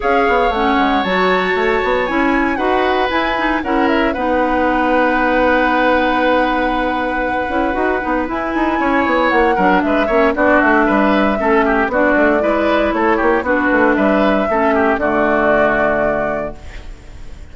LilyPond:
<<
  \new Staff \with { instrumentName = "flute" } { \time 4/4 \tempo 4 = 116 f''4 fis''4 a''2 | gis''4 fis''4 gis''4 fis''8 e''8 | fis''1~ | fis''1 |
gis''2 fis''4 e''4 | d''8 e''2~ e''8 d''4~ | d''4 cis''4 b'4 e''4~ | e''4 d''2. | }
  \new Staff \with { instrumentName = "oboe" } { \time 4/4 cis''1~ | cis''4 b'2 ais'4 | b'1~ | b'1~ |
b'4 cis''4. ais'8 b'8 cis''8 | fis'4 b'4 a'8 g'8 fis'4 | b'4 a'8 g'8 fis'4 b'4 | a'8 g'8 fis'2. | }
  \new Staff \with { instrumentName = "clarinet" } { \time 4/4 gis'4 cis'4 fis'2 | e'4 fis'4 e'8 dis'8 e'4 | dis'1~ | dis'2~ dis'8 e'8 fis'8 dis'8 |
e'2~ e'8 d'4 cis'8 | d'2 cis'4 d'4 | e'2 d'2 | cis'4 a2. | }
  \new Staff \with { instrumentName = "bassoon" } { \time 4/4 cis'8 b8 a8 gis8 fis4 a8 b8 | cis'4 dis'4 e'4 cis'4 | b1~ | b2~ b8 cis'8 dis'8 b8 |
e'8 dis'8 cis'8 b8 ais8 fis8 gis8 ais8 | b8 a8 g4 a4 b8 a8 | gis4 a8 ais8 b8 a8 g4 | a4 d2. | }
>>